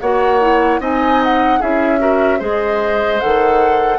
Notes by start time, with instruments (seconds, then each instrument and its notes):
0.00 bassoon A#3, clarinet F#4, oboe C#5, flute F#5
0.41 clarinet E4
0.79 bassoon C4, clarinet D#4, oboe D#5, flute G#5
1.23 flute F#5
1.59 bassoon C#4, clarinet E4, oboe G#4, flute E5
1.98 clarinet F#4, oboe A#4
2.38 bassoon G#3, clarinet G#4, oboe C5, flute D#5
3.20 bassoon D#3, clarinet A4, flute F#5